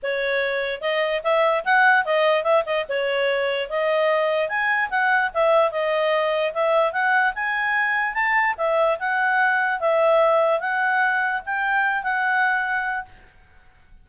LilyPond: \new Staff \with { instrumentName = "clarinet" } { \time 4/4 \tempo 4 = 147 cis''2 dis''4 e''4 | fis''4 dis''4 e''8 dis''8 cis''4~ | cis''4 dis''2 gis''4 | fis''4 e''4 dis''2 |
e''4 fis''4 gis''2 | a''4 e''4 fis''2 | e''2 fis''2 | g''4. fis''2~ fis''8 | }